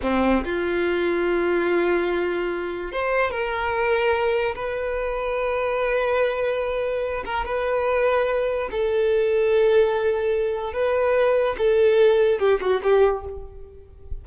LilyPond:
\new Staff \with { instrumentName = "violin" } { \time 4/4 \tempo 4 = 145 c'4 f'2.~ | f'2. c''4 | ais'2. b'4~ | b'1~ |
b'4. ais'8 b'2~ | b'4 a'2.~ | a'2 b'2 | a'2 g'8 fis'8 g'4 | }